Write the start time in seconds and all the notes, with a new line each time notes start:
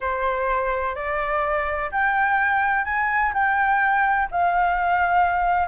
0.00 C5
0.95 D5
1.91 G5
2.84 G#5
3.33 G5
4.31 F5